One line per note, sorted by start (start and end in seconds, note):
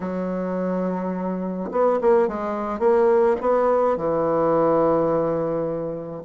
0.00 1.70 F#3
1.71 1.99 B3
2.01 2.28 A#3
2.28 2.79 G#3
2.79 3.36 A#3
3.40 3.96 B3
3.96 6.23 E3